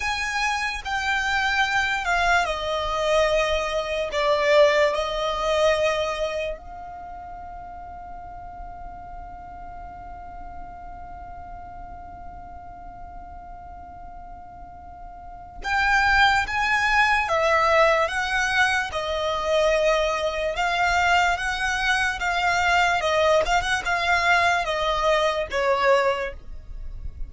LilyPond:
\new Staff \with { instrumentName = "violin" } { \time 4/4 \tempo 4 = 73 gis''4 g''4. f''8 dis''4~ | dis''4 d''4 dis''2 | f''1~ | f''1~ |
f''2. g''4 | gis''4 e''4 fis''4 dis''4~ | dis''4 f''4 fis''4 f''4 | dis''8 f''16 fis''16 f''4 dis''4 cis''4 | }